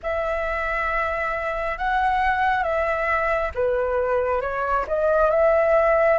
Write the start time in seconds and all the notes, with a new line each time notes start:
0.02 E5
1.78 F#5
2.63 E5
3.54 B4
4.41 C#5
4.87 D#5
5.30 E5